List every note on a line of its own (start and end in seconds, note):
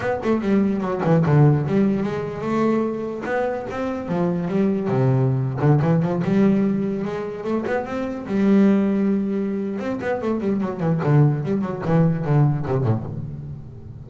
0.00 0.19 B3
0.23 0.41 A3
0.41 0.81 G3
0.81 1.01 F#3
1.04 1.24 E3
1.25 1.66 D3
1.66 2.03 G3
2.03 2.41 G#3
2.41 3.22 A3
3.25 3.66 B3
3.70 4.08 C4
4.08 4.47 F3
4.47 4.87 G3
4.87 5.59 C3
5.60 5.80 D3
5.81 6.02 E3
6.02 6.22 F3
6.24 7.04 G3
7.04 7.44 G#3
7.44 7.64 A3
7.66 7.85 B3
7.85 8.26 C4
8.26 9.79 G3
9.79 9.99 C4
10.01 10.21 B3
10.21 10.40 A3
10.40 10.60 G3
10.60 10.79 F#3
10.79 11.00 E3
11.03 11.43 D3
11.43 11.61 G3
11.61 11.82 F#3
11.85 12.24 E3
12.24 12.65 D3
12.66 12.83 C3
12.83 13.04 A2